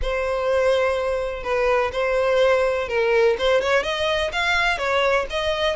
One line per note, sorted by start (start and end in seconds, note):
0.02 1.43 C5
1.43 1.91 B4
1.92 2.88 C5
2.88 3.36 A#4
3.38 3.61 C5
3.61 3.83 C#5
3.83 4.31 D#5
4.32 4.78 F5
4.78 5.26 C#5
5.30 5.76 D#5